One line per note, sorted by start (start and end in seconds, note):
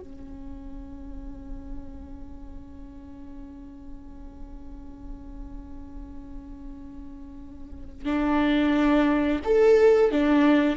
0.00 8.05 C#4
8.05 9.40 D4
9.44 10.11 A4
10.11 10.77 D4